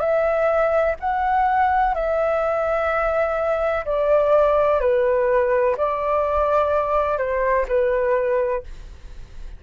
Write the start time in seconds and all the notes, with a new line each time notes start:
0.00 E5
1.00 F#5
1.94 E5
3.85 D5
4.81 B4
5.77 D5
7.18 C5
7.68 B4